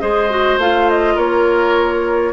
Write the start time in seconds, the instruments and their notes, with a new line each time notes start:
0.00 bassoon G#3, clarinet G#4, oboe C5, flute D#5
0.31 clarinet F#4
0.58 bassoon A3, clarinet F4, flute F5
0.90 flute D#5
1.15 bassoon A#3, oboe A#4, flute C#5